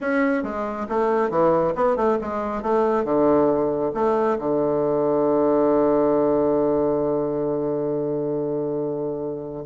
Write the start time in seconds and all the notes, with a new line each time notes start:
0.00 C#4
0.43 G#3
0.89 A3
1.29 E3
1.75 B3
1.96 A3
2.21 G#3
2.62 A3
3.04 D3
3.93 A3
4.39 D3